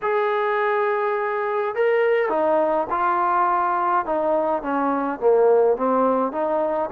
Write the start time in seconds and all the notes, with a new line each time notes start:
0.02 G#4
1.75 A#4
2.29 D#4
2.90 F4
4.05 D#4
4.62 C#4
5.19 A#3
5.76 C4
6.32 D#4